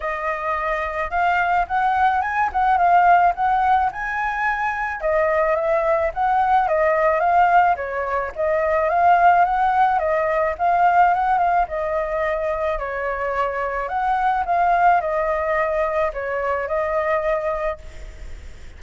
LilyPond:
\new Staff \with { instrumentName = "flute" } { \time 4/4 \tempo 4 = 108 dis''2 f''4 fis''4 | gis''8 fis''8 f''4 fis''4 gis''4~ | gis''4 dis''4 e''4 fis''4 | dis''4 f''4 cis''4 dis''4 |
f''4 fis''4 dis''4 f''4 | fis''8 f''8 dis''2 cis''4~ | cis''4 fis''4 f''4 dis''4~ | dis''4 cis''4 dis''2 | }